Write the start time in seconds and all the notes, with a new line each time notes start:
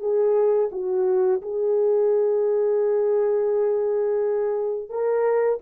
0.00 G#4
0.72 F#4
1.42 G#4
4.90 A#4